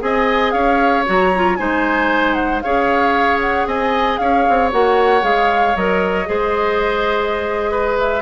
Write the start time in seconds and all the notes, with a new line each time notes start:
0.00 C4 G#4 D#5 G#5
0.51 C#4 C#5 F5
1.06 F#3 F#4 A#5
1.36 F4
1.56 G#3 D#4 C5 G#5
2.34 F#5
2.61 C#4 G#4 C#5 F5
3.41 F#5
3.67 C4 D#5 G#5
4.18 C#4 C#5 F5
4.49 C4
4.72 A#3 F#4 F#5
5.22 G#3 G#4 F5
5.76 F#3 A#4 D#5
6.26 G#3 G#4 C5
7.71 B4
7.99 E5